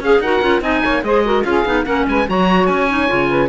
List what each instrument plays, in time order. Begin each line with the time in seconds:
0.00 cello C#4, saxophone G#4, clarinet G#4, oboe F5
0.20 cello D#4, clarinet F#4, saxophone A#4, oboe F#5
0.42 cello C#4, clarinet F4
0.61 cello C4, clarinet D#4, saxophone D#5, oboe G#5
0.83 cello A#3, saxophone C#5
1.03 cello G#3, clarinet G#4, saxophone C5, oboe D#5
1.25 clarinet F#4, saxophone A#4
1.44 cello C#4, clarinet F4, saxophone G#4, oboe F5
1.66 cello B3, clarinet D#4
1.85 cello A#3, clarinet C#4, saxophone A#4, oboe F#5
2.08 cello G#3, saxophone B4, oboe G#5
2.28 cello F#3, clarinet F#4, saxophone C#5, oboe A#5
2.67 cello C#4, oboe G#5
2.89 clarinet D#4
3.08 cello C#3, clarinet F4
3.29 saxophone B4